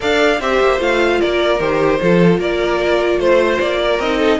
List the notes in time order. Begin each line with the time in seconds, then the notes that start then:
0.00 D4 A4 D5 F5
0.40 C4 G4 C5 E5
0.60 A#3
0.79 A3 F4 F5
1.20 A#3 A#4 D5
1.59 D#3 G4 C5
2.00 F3 F4 A4
2.38 A#3 A#4 D5
3.18 A3 C5
3.60 A#3 D5
3.81 A#4
3.99 C4 D#4 D#5
4.18 A4